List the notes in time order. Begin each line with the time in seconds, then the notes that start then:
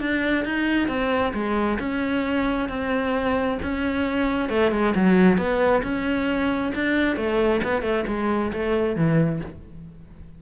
0.00 D4
0.45 D#4
0.88 C4
1.34 G#3
1.79 C#4
2.69 C4
3.62 C#4
4.49 A3
4.72 G#3
4.95 F#3
5.38 B3
5.83 C#4
6.75 D4
7.16 A3
7.64 B3
7.82 A3
8.07 G#3
8.53 A3
8.96 E3